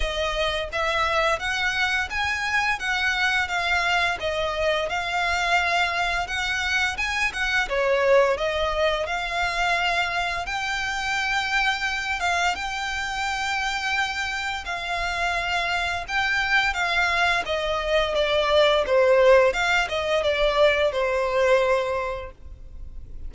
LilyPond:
\new Staff \with { instrumentName = "violin" } { \time 4/4 \tempo 4 = 86 dis''4 e''4 fis''4 gis''4 | fis''4 f''4 dis''4 f''4~ | f''4 fis''4 gis''8 fis''8 cis''4 | dis''4 f''2 g''4~ |
g''4. f''8 g''2~ | g''4 f''2 g''4 | f''4 dis''4 d''4 c''4 | f''8 dis''8 d''4 c''2 | }